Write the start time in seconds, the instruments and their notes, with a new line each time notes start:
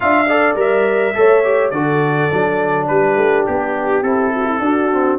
0.00 tuba D4, trombone F4, horn E5, trumpet F5
0.28 trombone A4, horn D5
0.55 tuba G3, trombone A#4, trumpet E5
1.14 tuba A3, trombone A4, horn C#5
1.44 trombone G4
1.70 tuba D3, trombone F#4, horn A4, trumpet D5
2.30 tuba F#3, trombone D4
2.87 tuba G3, horn G4, trumpet B4
3.16 tuba A3
3.46 tuba B3, trumpet G4
4.02 tuba C4, trombone E4, trumpet A4
4.34 horn F#4
4.45 horn E4
4.59 tuba D4, trombone D4, horn F#4
4.92 trombone C4